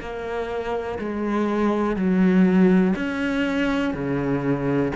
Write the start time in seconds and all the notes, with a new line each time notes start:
0.00 A#3
0.99 G#3
1.96 F#3
2.96 C#4
3.94 C#3